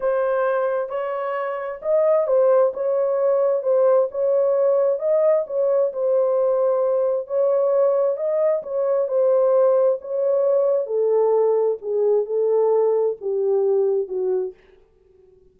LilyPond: \new Staff \with { instrumentName = "horn" } { \time 4/4 \tempo 4 = 132 c''2 cis''2 | dis''4 c''4 cis''2 | c''4 cis''2 dis''4 | cis''4 c''2. |
cis''2 dis''4 cis''4 | c''2 cis''2 | a'2 gis'4 a'4~ | a'4 g'2 fis'4 | }